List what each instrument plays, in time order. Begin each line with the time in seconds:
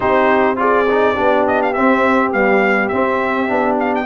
0.00 tuba C4, trombone D#4, horn G4, trumpet C5
0.56 trombone F4, horn G#4, trumpet D5
0.90 trombone D#4
1.14 tuba B3, trombone D4, horn G4
1.47 trumpet D#5
1.62 trumpet F5
1.73 tuba C4, trombone C4, trumpet E5
2.32 trombone G3, tuba B3, trumpet F5
2.88 trombone C4, tuba C4, trumpet E5
3.47 tuba B3, trombone D4
3.79 trumpet F5
3.95 trumpet G5